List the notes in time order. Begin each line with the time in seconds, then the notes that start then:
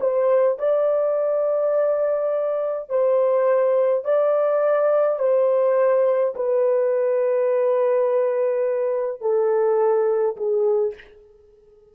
0.00 C5
0.58 D5
2.89 C5
4.04 D5
5.19 C5
6.35 B4
9.21 A4
10.36 G#4